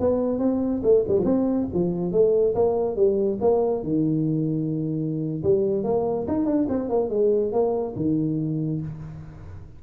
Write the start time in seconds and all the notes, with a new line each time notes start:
0.00 B3
0.39 C4
0.83 A3
1.08 G3
1.19 F3 C4
1.74 F3
2.12 A3
2.55 A#3
2.96 G3
3.41 A#3
3.83 D#3
5.43 G3
5.84 A#3
6.27 D#4
6.46 D4
6.69 C4
6.89 A#3
7.10 G#3
7.52 A#3
7.96 D#3